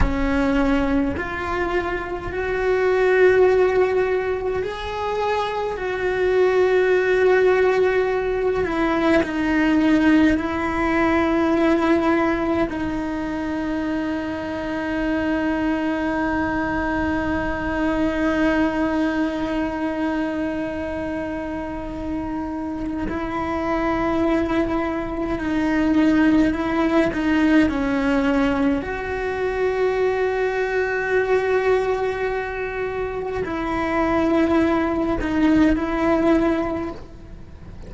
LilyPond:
\new Staff \with { instrumentName = "cello" } { \time 4/4 \tempo 4 = 52 cis'4 f'4 fis'2 | gis'4 fis'2~ fis'8 e'8 | dis'4 e'2 dis'4~ | dis'1~ |
dis'1 | e'2 dis'4 e'8 dis'8 | cis'4 fis'2.~ | fis'4 e'4. dis'8 e'4 | }